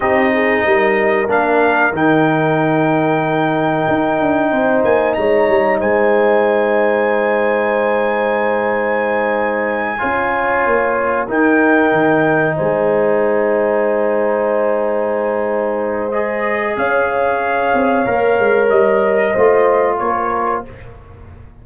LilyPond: <<
  \new Staff \with { instrumentName = "trumpet" } { \time 4/4 \tempo 4 = 93 dis''2 f''4 g''4~ | g''2.~ g''8 gis''8 | ais''4 gis''2.~ | gis''1~ |
gis''4. g''2 gis''8~ | gis''1~ | gis''4 dis''4 f''2~ | f''4 dis''2 cis''4 | }
  \new Staff \with { instrumentName = "horn" } { \time 4/4 g'8 gis'8 ais'2.~ | ais'2. c''4 | cis''4 c''2.~ | c''2.~ c''8 cis''8~ |
cis''4. ais'2 c''8~ | c''1~ | c''2 cis''2~ | cis''2 c''4 ais'4 | }
  \new Staff \with { instrumentName = "trombone" } { \time 4/4 dis'2 d'4 dis'4~ | dis'1~ | dis'1~ | dis'2.~ dis'8 f'8~ |
f'4. dis'2~ dis'8~ | dis'1~ | dis'4 gis'2. | ais'2 f'2 | }
  \new Staff \with { instrumentName = "tuba" } { \time 4/4 c'4 g4 ais4 dis4~ | dis2 dis'8 d'8 c'8 ais8 | gis8 g8 gis2.~ | gis2.~ gis8 cis'8~ |
cis'8 ais4 dis'4 dis4 gis8~ | gis1~ | gis2 cis'4. c'8 | ais8 gis8 g4 a4 ais4 | }
>>